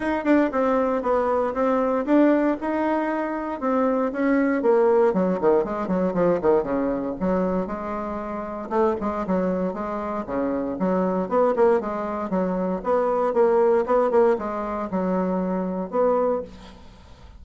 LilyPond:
\new Staff \with { instrumentName = "bassoon" } { \time 4/4 \tempo 4 = 117 dis'8 d'8 c'4 b4 c'4 | d'4 dis'2 c'4 | cis'4 ais4 fis8 dis8 gis8 fis8 | f8 dis8 cis4 fis4 gis4~ |
gis4 a8 gis8 fis4 gis4 | cis4 fis4 b8 ais8 gis4 | fis4 b4 ais4 b8 ais8 | gis4 fis2 b4 | }